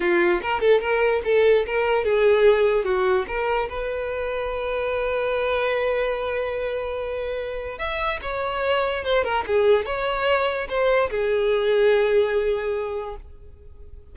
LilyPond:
\new Staff \with { instrumentName = "violin" } { \time 4/4 \tempo 4 = 146 f'4 ais'8 a'8 ais'4 a'4 | ais'4 gis'2 fis'4 | ais'4 b'2.~ | b'1~ |
b'2. e''4 | cis''2 c''8 ais'8 gis'4 | cis''2 c''4 gis'4~ | gis'1 | }